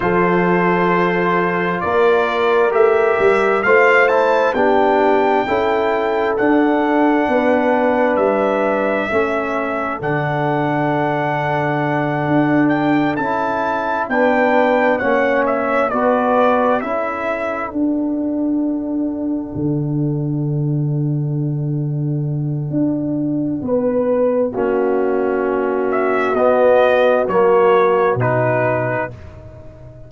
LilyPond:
<<
  \new Staff \with { instrumentName = "trumpet" } { \time 4/4 \tempo 4 = 66 c''2 d''4 e''4 | f''8 a''8 g''2 fis''4~ | fis''4 e''2 fis''4~ | fis''2 g''8 a''4 g''8~ |
g''8 fis''8 e''8 d''4 e''4 fis''8~ | fis''1~ | fis''1~ | fis''8 e''8 dis''4 cis''4 b'4 | }
  \new Staff \with { instrumentName = "horn" } { \time 4/4 a'2 ais'2 | c''4 g'4 a'2 | b'2 a'2~ | a'2.~ a'8 b'8~ |
b'8 cis''4 b'4 a'4.~ | a'1~ | a'2 b'4 fis'4~ | fis'1 | }
  \new Staff \with { instrumentName = "trombone" } { \time 4/4 f'2. g'4 | f'8 e'8 d'4 e'4 d'4~ | d'2 cis'4 d'4~ | d'2~ d'8 e'4 d'8~ |
d'8 cis'4 fis'4 e'4 d'8~ | d'1~ | d'2. cis'4~ | cis'4 b4 ais4 dis'4 | }
  \new Staff \with { instrumentName = "tuba" } { \time 4/4 f2 ais4 a8 g8 | a4 b4 cis'4 d'4 | b4 g4 a4 d4~ | d4. d'4 cis'4 b8~ |
b8 ais4 b4 cis'4 d'8~ | d'4. d2~ d8~ | d4 d'4 b4 ais4~ | ais4 b4 fis4 b,4 | }
>>